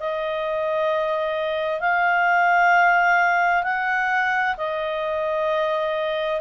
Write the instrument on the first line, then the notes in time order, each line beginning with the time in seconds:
clarinet
0.00 D#5
1.81 F5
3.64 F#5
4.58 D#5